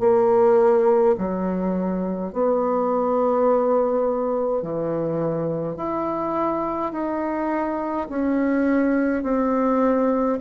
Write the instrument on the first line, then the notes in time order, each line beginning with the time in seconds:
bassoon
0.00 A#3
1.18 F#3
2.33 B3
4.62 E3
5.77 E4
6.92 D#4
8.09 C#4
9.23 C4